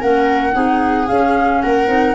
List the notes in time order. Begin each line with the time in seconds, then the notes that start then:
0.00 A#3 C#4 A#4 F#5
0.52 C4 D#4 G#4
1.07 C#4 F5
1.61 A#3 A#4 F#5
1.87 C4 D#4